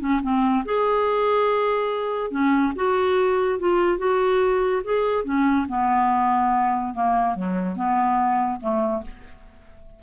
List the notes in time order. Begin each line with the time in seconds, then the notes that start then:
0.00 C#4
0.23 C4
0.65 G#4
2.31 C#4
2.76 F#4
3.60 F4
3.98 F#4
4.84 G#4
5.25 C#4
5.69 B3
6.94 A#3
7.35 F#3
7.76 B3
8.61 A3